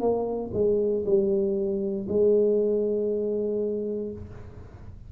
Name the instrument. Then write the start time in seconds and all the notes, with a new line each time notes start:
tuba
0.00 A#3
0.54 G#3
1.05 G3
2.08 G#3